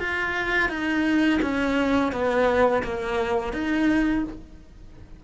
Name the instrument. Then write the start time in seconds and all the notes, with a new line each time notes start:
cello
0.00 F4
0.69 D#4
1.42 C#4
2.12 B3
2.84 A#3
3.53 D#4